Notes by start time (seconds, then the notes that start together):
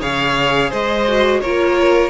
0.00 C#3 G#4 C#5 F5
0.70 G#3 C5 D#5
1.08 F#4
1.41 A#3 F4 A#4 C#5